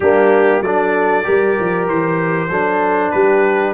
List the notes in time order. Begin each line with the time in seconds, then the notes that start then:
0.00 G3 A#3 D4 G4
0.61 F#3 D4 A4 D5
1.23 G3 G4 A#4
1.59 F3
1.88 E3 C5
2.49 F#3 D4 A4
3.11 G3 G4 B4